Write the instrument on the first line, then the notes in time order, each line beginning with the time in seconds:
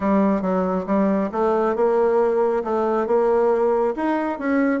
bassoon
0.00 G3
0.41 F#3
0.86 G3
1.32 A3
1.75 A#3
2.64 A3
3.07 A#3
3.95 D#4
4.38 C#4